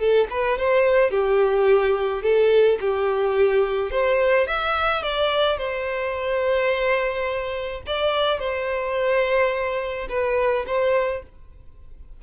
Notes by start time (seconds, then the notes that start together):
0.00 A4
0.31 B4
0.59 C5
1.11 G4
2.23 A4
2.81 G4
3.92 C5
4.47 E5
5.03 D5
5.58 C5
7.87 D5
8.40 C5
10.10 B4
10.67 C5